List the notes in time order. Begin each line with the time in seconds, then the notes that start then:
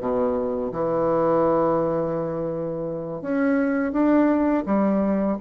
0.00 B2
0.72 E3
3.21 C#4
3.92 D4
4.66 G3